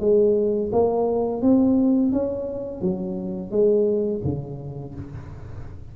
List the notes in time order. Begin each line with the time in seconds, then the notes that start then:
0.00 G#3
0.72 A#3
1.42 C4
2.12 C#4
2.81 F#3
3.51 G#3
4.24 C#3